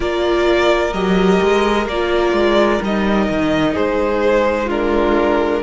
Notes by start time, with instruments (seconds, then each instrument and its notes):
0.00 cello A#3, viola F4, violin A#4 D5
0.93 cello F#3, viola G4, violin D#5
1.41 cello G#3
1.86 cello A#3, viola F4, violin D5
2.32 cello G#3
2.81 cello G3, viola D#4, violin D#5
3.29 cello D#3
3.73 cello G#3, violin G#4 C5
4.65 viola D4, violin F4 A#4